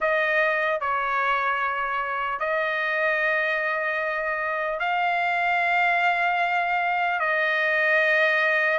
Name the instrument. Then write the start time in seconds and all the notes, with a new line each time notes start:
trumpet
0.00 D#5
0.80 C#5
2.39 D#5
4.79 F5
7.19 D#5